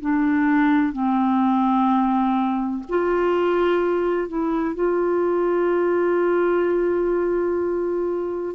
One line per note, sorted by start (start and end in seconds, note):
0.00 0.93 D4
0.93 2.83 C4
2.89 4.28 F4
4.28 4.74 E4
4.74 8.55 F4